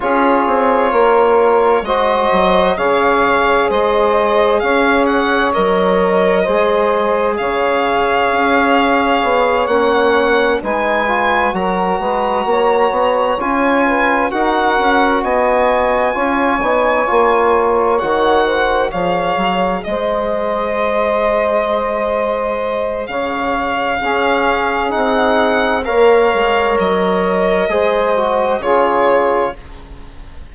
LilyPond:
<<
  \new Staff \with { instrumentName = "violin" } { \time 4/4 \tempo 4 = 65 cis''2 dis''4 f''4 | dis''4 f''8 fis''8 dis''2 | f''2~ f''8 fis''4 gis''8~ | gis''8 ais''2 gis''4 fis''8~ |
fis''8 gis''2. fis''8~ | fis''8 f''4 dis''2~ dis''8~ | dis''4 f''2 fis''4 | f''4 dis''2 cis''4 | }
  \new Staff \with { instrumentName = "saxophone" } { \time 4/4 gis'4 ais'4 c''4 cis''4 | c''4 cis''2 c''4 | cis''2.~ cis''8 b'8~ | b'8 ais'8 b'8 cis''4. b'8 ais'8~ |
ais'8 dis''4 cis''2~ cis''8 | c''8 cis''4 c''2~ c''8~ | c''4 cis''4 gis'2 | cis''2 c''4 gis'4 | }
  \new Staff \with { instrumentName = "trombone" } { \time 4/4 f'2 fis'4 gis'4~ | gis'2 ais'4 gis'4~ | gis'2~ gis'8 cis'4 dis'8 | f'8 fis'2 f'4 fis'8~ |
fis'4. f'8 dis'8 f'4 fis'8~ | fis'8 gis'2.~ gis'8~ | gis'2 cis'4 dis'4 | ais'2 gis'8 fis'8 f'4 | }
  \new Staff \with { instrumentName = "bassoon" } { \time 4/4 cis'8 c'8 ais4 gis8 fis8 cis4 | gis4 cis'4 fis4 gis4 | cis4 cis'4 b8 ais4 gis8~ | gis8 fis8 gis8 ais8 b8 cis'4 dis'8 |
cis'8 b4 cis'8 b8 ais4 dis8~ | dis8 f8 fis8 gis2~ gis8~ | gis4 cis4 cis'4 c'4 | ais8 gis8 fis4 gis4 cis4 | }
>>